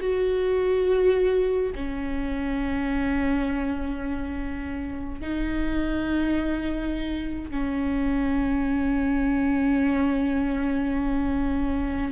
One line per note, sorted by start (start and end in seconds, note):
0.00 1.73 F#4
1.75 5.20 C#4
5.20 7.51 D#4
7.51 12.12 C#4